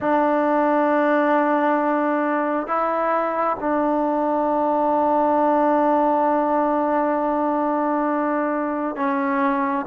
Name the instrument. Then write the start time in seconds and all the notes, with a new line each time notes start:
trombone
0.00 D4
2.67 E4
3.59 D4
8.96 C#4